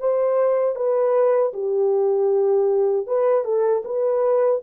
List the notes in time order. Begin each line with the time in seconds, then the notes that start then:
0.00 C5
0.76 B4
1.53 G4
3.07 B4
3.45 A4
3.85 B4